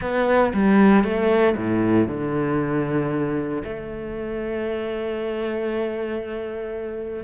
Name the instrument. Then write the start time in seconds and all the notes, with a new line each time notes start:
cello
0.01 B3
0.53 G3
1.03 A3
1.56 A2
2.07 D3
3.64 A3